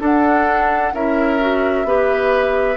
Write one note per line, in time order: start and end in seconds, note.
0.00 0.92 D4
0.00 0.93 D4
0.00 0.93 A4
0.00 0.94 F#5
0.93 1.84 C#4
0.93 1.40 E4
0.93 1.86 A#4
0.93 2.77 E5
1.40 1.86 F#4
1.84 2.77 B3
1.84 2.77 G4
1.84 2.77 B4